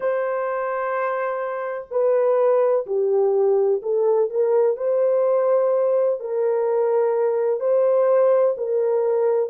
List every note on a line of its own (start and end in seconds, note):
0.00 1.87 C5
1.90 2.86 B4
2.86 3.81 G4
3.82 4.29 A4
4.30 4.77 A#4
4.77 6.19 C5
6.19 7.59 A#4
7.59 8.55 C5
8.57 9.49 A#4